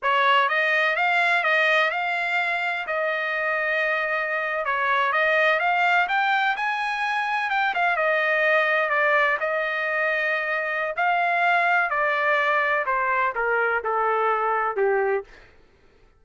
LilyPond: \new Staff \with { instrumentName = "trumpet" } { \time 4/4 \tempo 4 = 126 cis''4 dis''4 f''4 dis''4 | f''2 dis''2~ | dis''4.~ dis''16 cis''4 dis''4 f''16~ | f''8. g''4 gis''2 g''16~ |
g''16 f''8 dis''2 d''4 dis''16~ | dis''2. f''4~ | f''4 d''2 c''4 | ais'4 a'2 g'4 | }